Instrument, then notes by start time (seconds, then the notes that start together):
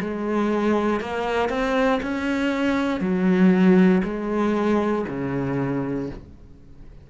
cello
0.00 G#3
1.00 A#3
1.49 C4
2.02 C#4
3.00 F#3
4.03 G#3
5.08 C#3